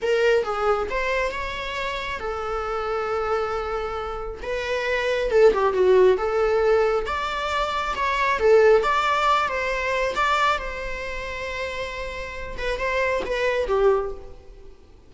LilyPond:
\new Staff \with { instrumentName = "viola" } { \time 4/4 \tempo 4 = 136 ais'4 gis'4 c''4 cis''4~ | cis''4 a'2.~ | a'2 b'2 | a'8 g'8 fis'4 a'2 |
d''2 cis''4 a'4 | d''4. c''4. d''4 | c''1~ | c''8 b'8 c''4 b'4 g'4 | }